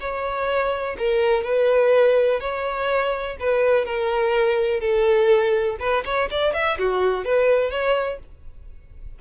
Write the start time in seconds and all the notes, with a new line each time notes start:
0.00 C#5
0.98 A#4
1.44 B4
2.40 C#5
3.40 B4
3.86 A#4
4.80 A4
5.79 B4
6.05 C#5
6.31 D5
6.53 E5
6.79 F#4
7.24 B4
7.71 C#5